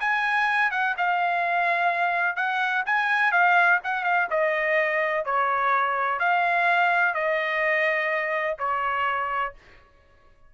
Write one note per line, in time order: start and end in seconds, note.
0.00 0.71 G#5
0.71 0.95 F#5
0.97 2.36 F5
2.36 2.84 F#5
2.86 3.32 G#5
3.32 3.79 F5
3.84 4.04 F#5
4.04 4.27 F5
4.30 5.25 D#5
5.25 6.19 C#5
6.19 7.14 F5
7.14 8.57 D#5
8.58 9.53 C#5